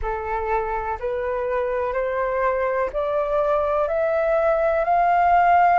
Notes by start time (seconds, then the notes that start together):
0.01 A4
0.99 B4
1.93 C5
2.93 D5
3.88 E5
4.84 F5